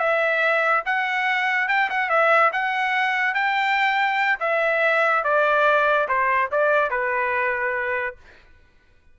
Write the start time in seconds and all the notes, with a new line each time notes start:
0.00 E5
0.86 F#5
1.69 G5
1.90 F#5
2.10 E5
2.53 F#5
3.35 G5
4.41 E5
5.24 D5
6.09 C5
6.52 D5
6.91 B4